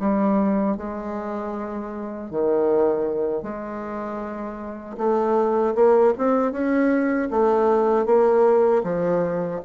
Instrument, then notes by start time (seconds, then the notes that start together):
bassoon
0.00 G3
0.77 G#3
2.31 D#3
3.43 G#3
4.98 A3
5.75 A#3
6.18 C4
6.52 C#4
7.31 A3
8.06 A#3
8.84 F3